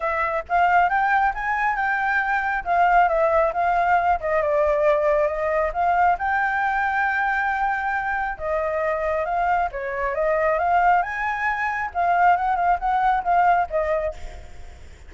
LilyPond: \new Staff \with { instrumentName = "flute" } { \time 4/4 \tempo 4 = 136 e''4 f''4 g''4 gis''4 | g''2 f''4 e''4 | f''4. dis''8 d''2 | dis''4 f''4 g''2~ |
g''2. dis''4~ | dis''4 f''4 cis''4 dis''4 | f''4 gis''2 f''4 | fis''8 f''8 fis''4 f''4 dis''4 | }